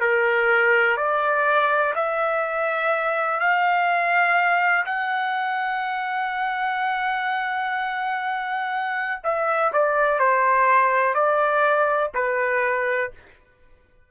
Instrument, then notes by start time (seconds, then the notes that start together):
trumpet
0.00 A#4
0.97 D5
1.95 E5
3.40 F5
4.86 F#5
9.23 E5
9.73 D5
10.19 C5
11.14 D5
12.15 B4